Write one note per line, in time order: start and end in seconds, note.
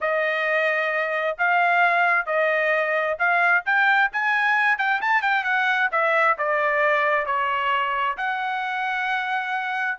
0.00 1.37 D#5
1.38 2.26 F5
2.26 3.17 D#5
3.18 3.64 F5
3.65 4.11 G5
4.12 4.78 G#5
4.78 5.00 G5
5.01 5.21 A5
5.21 5.44 G5
5.44 5.89 F#5
5.91 6.37 E5
6.37 7.26 D5
7.26 8.17 C#5
8.17 9.98 F#5